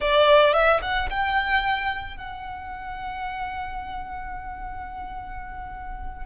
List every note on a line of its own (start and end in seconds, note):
0.00 0.53 D5
0.53 0.80 E5
0.82 1.09 F#5
1.09 2.16 G5
2.16 6.25 F#5